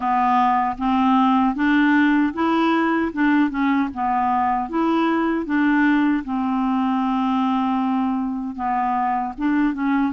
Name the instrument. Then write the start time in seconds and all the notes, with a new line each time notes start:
clarinet
0.00 B3
0.78 C4
1.55 D4
2.33 E4
3.12 D4
3.50 C#4
3.94 B3
4.69 E4
5.45 D4
6.24 C4
8.55 B3
9.37 D4
9.73 C#4